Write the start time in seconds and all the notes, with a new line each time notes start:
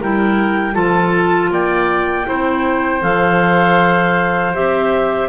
0.00 G3 E4 A#4 G5
0.73 F3 F4 A4 A5
1.50 A#3 D5 G5
2.25 C4 E4 C5
3.01 F3 A4 F5
4.54 C4 G4 E5